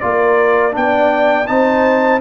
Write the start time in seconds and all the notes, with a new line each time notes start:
0.00 A#3 F4 A#4 D5
0.71 B3 D4 D5 G5
1.47 C4 D#4 C5 A5